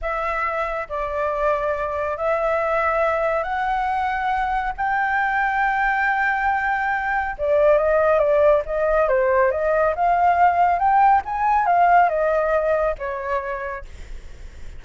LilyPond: \new Staff \with { instrumentName = "flute" } { \time 4/4 \tempo 4 = 139 e''2 d''2~ | d''4 e''2. | fis''2. g''4~ | g''1~ |
g''4 d''4 dis''4 d''4 | dis''4 c''4 dis''4 f''4~ | f''4 g''4 gis''4 f''4 | dis''2 cis''2 | }